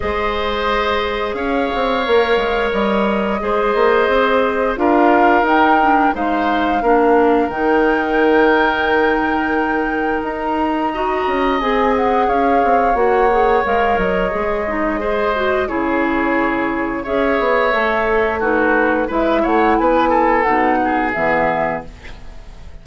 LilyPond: <<
  \new Staff \with { instrumentName = "flute" } { \time 4/4 \tempo 4 = 88 dis''2 f''2 | dis''2. f''4 | g''4 f''2 g''4~ | g''2. ais''4~ |
ais''4 gis''8 fis''8 f''4 fis''4 | f''8 dis''2~ dis''8 cis''4~ | cis''4 e''2 b'4 | e''8 fis''8 gis''4 fis''4 e''4 | }
  \new Staff \with { instrumentName = "oboe" } { \time 4/4 c''2 cis''2~ | cis''4 c''2 ais'4~ | ais'4 c''4 ais'2~ | ais'1 |
dis''2 cis''2~ | cis''2 c''4 gis'4~ | gis'4 cis''2 fis'4 | b'8 cis''8 b'8 a'4 gis'4. | }
  \new Staff \with { instrumentName = "clarinet" } { \time 4/4 gis'2. ais'4~ | ais'4 gis'2 f'4 | dis'8 d'8 dis'4 d'4 dis'4~ | dis'1 |
fis'4 gis'2 fis'8 gis'8 | ais'4 gis'8 dis'8 gis'8 fis'8 e'4~ | e'4 gis'4 a'4 dis'4 | e'2 dis'4 b4 | }
  \new Staff \with { instrumentName = "bassoon" } { \time 4/4 gis2 cis'8 c'8 ais8 gis8 | g4 gis8 ais8 c'4 d'4 | dis'4 gis4 ais4 dis4~ | dis2. dis'4~ |
dis'8 cis'8 c'4 cis'8 c'8 ais4 | gis8 fis8 gis2 cis4~ | cis4 cis'8 b8 a2 | gis8 a8 b4 b,4 e4 | }
>>